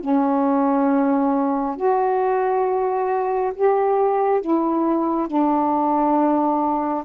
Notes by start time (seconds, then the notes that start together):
0.00 C#4
1.76 F#4
3.55 G4
4.41 E4
5.27 D4